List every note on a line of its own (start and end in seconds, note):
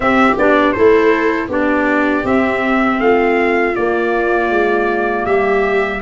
0.00 0.33 C4
0.00 0.37 C4
0.00 0.74 G4
0.00 0.36 E5
0.37 0.75 B3
0.37 0.75 D4
0.37 0.72 D5
0.72 1.48 A3
0.72 1.49 E4
0.72 1.48 A4
0.72 1.47 C5
1.48 2.23 B3
1.48 2.24 D4
1.48 2.98 G4
1.48 2.26 D5
2.24 2.99 C4
2.24 3.74 C4
2.24 3.00 E5
2.99 3.74 A3
2.99 5.25 F4
2.99 3.75 F5
3.75 6.01 A#3
3.75 4.49 A#3
3.75 5.25 D5
4.49 5.24 G#3
5.25 6.00 G3
5.25 6.00 G4
5.25 6.00 E5